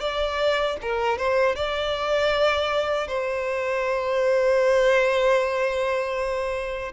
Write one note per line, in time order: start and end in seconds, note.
0.00 0.77 D5
0.82 1.18 A#4
1.18 1.56 C5
1.56 3.08 D5
3.08 6.92 C5